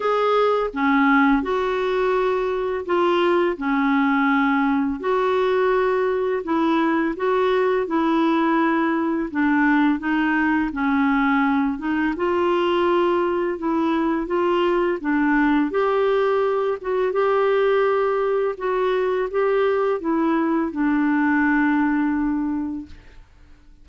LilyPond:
\new Staff \with { instrumentName = "clarinet" } { \time 4/4 \tempo 4 = 84 gis'4 cis'4 fis'2 | f'4 cis'2 fis'4~ | fis'4 e'4 fis'4 e'4~ | e'4 d'4 dis'4 cis'4~ |
cis'8 dis'8 f'2 e'4 | f'4 d'4 g'4. fis'8 | g'2 fis'4 g'4 | e'4 d'2. | }